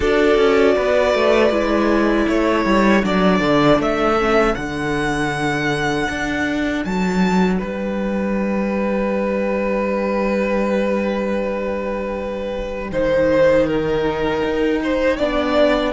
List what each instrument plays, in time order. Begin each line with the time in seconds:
0.00 cello D4, viola F#4, violin A4 D5
0.37 cello C#4
0.75 cello B3, violin B4
1.14 cello A3
1.50 cello G#3, viola E4
2.27 cello A3, violin A4 C#5
2.65 cello G3
3.03 cello F#3, viola D4, violin D5
3.40 cello D3
3.78 cello A3, violin E5
4.17 viola C#4
4.54 cello D3, viola D4, violin F#5
6.09 cello D4
6.84 cello F#3, violin A5
7.59 cello G3, violin B4 G5
12.91 cello D#3, viola D#4, violin C5
13.66 violin A#4
14.44 cello D#4
14.83 violin C5
15.17 cello B3, viola D4, violin D5